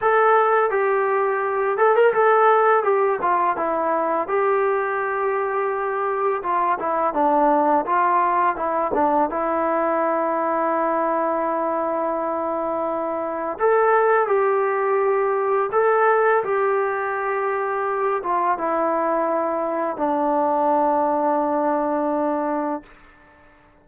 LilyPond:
\new Staff \with { instrumentName = "trombone" } { \time 4/4 \tempo 4 = 84 a'4 g'4. a'16 ais'16 a'4 | g'8 f'8 e'4 g'2~ | g'4 f'8 e'8 d'4 f'4 | e'8 d'8 e'2.~ |
e'2. a'4 | g'2 a'4 g'4~ | g'4. f'8 e'2 | d'1 | }